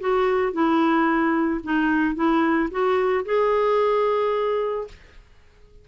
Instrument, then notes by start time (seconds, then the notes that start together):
clarinet
0.00 F#4
0.53 E4
1.63 D#4
2.15 E4
2.71 F#4
3.25 G#4